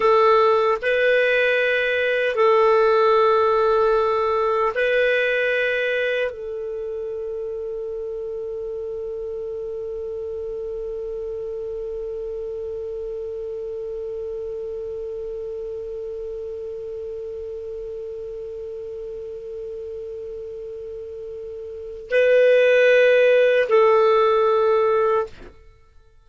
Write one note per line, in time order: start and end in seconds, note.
0.00 0.78 A4
0.81 2.35 B4
2.35 4.72 A4
4.74 6.30 B4
6.30 22.09 A4
22.10 23.68 B4
23.68 25.26 A4